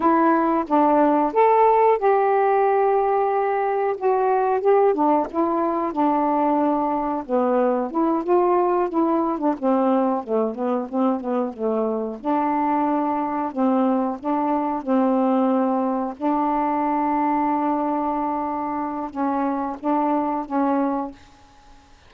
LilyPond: \new Staff \with { instrumentName = "saxophone" } { \time 4/4 \tempo 4 = 91 e'4 d'4 a'4 g'4~ | g'2 fis'4 g'8 d'8 | e'4 d'2 b4 | e'8 f'4 e'8. d'16 c'4 a8 |
b8 c'8 b8 a4 d'4.~ | d'8 c'4 d'4 c'4.~ | c'8 d'2.~ d'8~ | d'4 cis'4 d'4 cis'4 | }